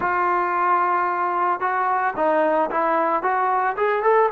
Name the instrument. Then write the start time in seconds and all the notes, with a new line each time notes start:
trombone
0.00 F4
1.60 F#4
2.16 D#4
2.70 E4
3.22 F#4
3.76 G#4
4.03 A4